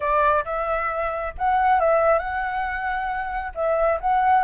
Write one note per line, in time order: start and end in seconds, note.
0.00 0.44 D5
0.44 1.33 E5
1.38 1.80 F#5
1.80 2.19 E5
2.19 3.52 F#5
3.55 3.99 E5
4.00 4.43 F#5